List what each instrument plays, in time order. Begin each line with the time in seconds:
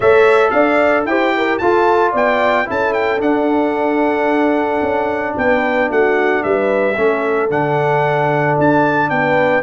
0.00 tuba A3, trombone A4, horn C#5, trumpet E5
0.50 tuba D4, horn D5, trumpet F5
1.05 tuba E4, trombone G4, horn C5, trumpet G5
1.36 horn A#4
1.58 tuba F4, trombone F4, horn A4, trumpet A5
2.11 tuba B3, horn D5, trumpet G5
2.65 tuba C#4, trombone E4, horn A4, trumpet A5
2.93 trumpet G5
3.18 trombone D4, tuba D4, trumpet F#5
4.81 tuba C#4
5.36 tuba B3, horn B4, trumpet G5
5.89 tuba A3, horn F#4, trumpet F#5
6.43 tuba G3, horn B4, trumpet E5
6.96 tuba A3, trombone C#4, horn A4
7.49 tuba D3, trombone D4, trumpet F#5
8.58 tuba D4, trumpet A5
9.09 tuba B3, horn B4, trumpet G5